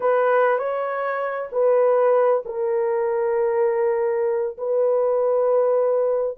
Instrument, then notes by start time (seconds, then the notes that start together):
horn
0.00 B4
0.58 C#5
1.52 B4
2.45 A#4
4.57 B4